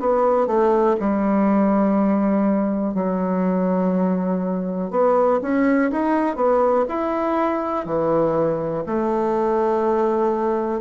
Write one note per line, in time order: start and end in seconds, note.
0.00 0.47 B3
0.47 0.97 A3
1.01 2.95 G3
2.95 4.91 F#3
4.91 5.40 B3
5.42 5.92 C#4
5.92 6.36 D#4
6.36 6.85 B3
6.89 7.86 E4
7.86 8.84 E3
8.87 10.82 A3